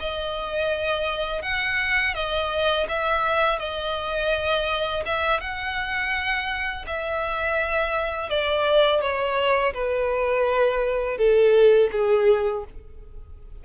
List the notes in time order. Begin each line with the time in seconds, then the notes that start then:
0.00 D#5
1.43 F#5
2.15 D#5
2.88 E5
3.59 D#5
5.06 E5
5.41 F#5
6.87 E5
8.30 D5
9.01 C#5
9.74 B4
11.18 A4
11.92 G#4